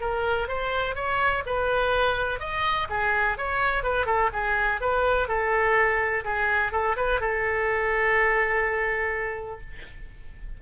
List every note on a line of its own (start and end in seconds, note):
0.00 0.48 A#4
0.48 0.95 C5
0.95 1.43 C#5
1.45 2.39 B4
2.39 2.87 D#5
2.89 3.37 G#4
3.37 3.83 C#5
3.83 4.06 B4
4.06 4.30 A4
4.32 4.80 G#4
4.80 5.28 B4
5.28 6.24 A4
6.24 6.72 G#4
6.72 6.96 A4
6.96 7.20 B4
7.20 9.60 A4